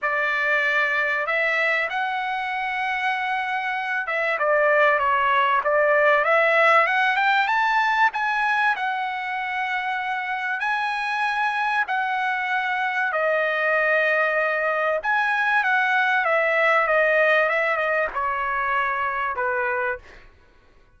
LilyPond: \new Staff \with { instrumentName = "trumpet" } { \time 4/4 \tempo 4 = 96 d''2 e''4 fis''4~ | fis''2~ fis''8 e''8 d''4 | cis''4 d''4 e''4 fis''8 g''8 | a''4 gis''4 fis''2~ |
fis''4 gis''2 fis''4~ | fis''4 dis''2. | gis''4 fis''4 e''4 dis''4 | e''8 dis''8 cis''2 b'4 | }